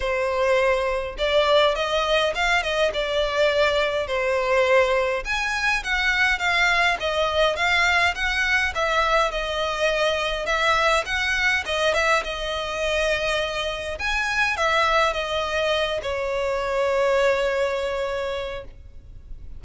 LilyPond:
\new Staff \with { instrumentName = "violin" } { \time 4/4 \tempo 4 = 103 c''2 d''4 dis''4 | f''8 dis''8 d''2 c''4~ | c''4 gis''4 fis''4 f''4 | dis''4 f''4 fis''4 e''4 |
dis''2 e''4 fis''4 | dis''8 e''8 dis''2. | gis''4 e''4 dis''4. cis''8~ | cis''1 | }